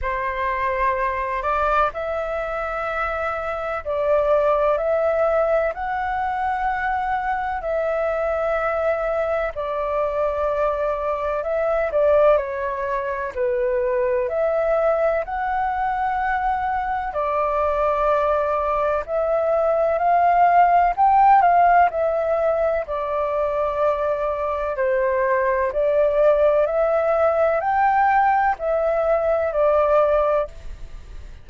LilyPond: \new Staff \with { instrumentName = "flute" } { \time 4/4 \tempo 4 = 63 c''4. d''8 e''2 | d''4 e''4 fis''2 | e''2 d''2 | e''8 d''8 cis''4 b'4 e''4 |
fis''2 d''2 | e''4 f''4 g''8 f''8 e''4 | d''2 c''4 d''4 | e''4 g''4 e''4 d''4 | }